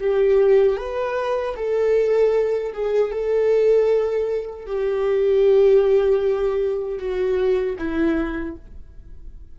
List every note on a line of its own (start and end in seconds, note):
0.00 0.77 G4
0.77 1.55 B4
1.56 2.73 A4
2.73 3.12 G#4
3.12 4.66 A4
4.66 6.99 G4
6.99 7.77 F#4
7.79 8.56 E4